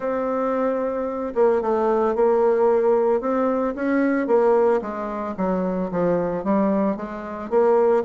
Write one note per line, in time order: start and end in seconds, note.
0.00 1.33 C4
1.35 1.61 A#3
1.61 2.15 A3
2.15 3.20 A#3
3.20 3.74 C4
3.75 4.27 C#4
4.27 4.80 A#3
4.81 5.34 G#3
5.37 5.91 F#3
5.91 6.44 F3
6.44 6.96 G3
6.96 7.50 G#3
7.50 8.03 A#3